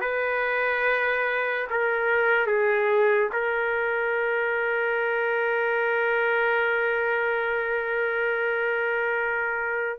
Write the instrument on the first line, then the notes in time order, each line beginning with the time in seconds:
trumpet
0.00 B4
1.70 A#4
2.46 G#4
3.32 A#4